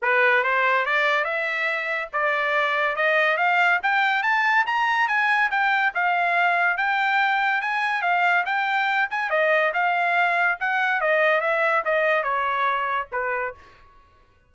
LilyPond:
\new Staff \with { instrumentName = "trumpet" } { \time 4/4 \tempo 4 = 142 b'4 c''4 d''4 e''4~ | e''4 d''2 dis''4 | f''4 g''4 a''4 ais''4 | gis''4 g''4 f''2 |
g''2 gis''4 f''4 | g''4. gis''8 dis''4 f''4~ | f''4 fis''4 dis''4 e''4 | dis''4 cis''2 b'4 | }